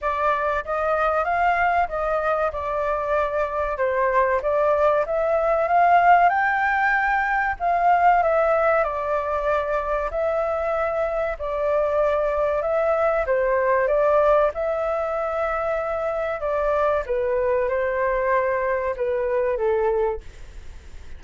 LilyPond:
\new Staff \with { instrumentName = "flute" } { \time 4/4 \tempo 4 = 95 d''4 dis''4 f''4 dis''4 | d''2 c''4 d''4 | e''4 f''4 g''2 | f''4 e''4 d''2 |
e''2 d''2 | e''4 c''4 d''4 e''4~ | e''2 d''4 b'4 | c''2 b'4 a'4 | }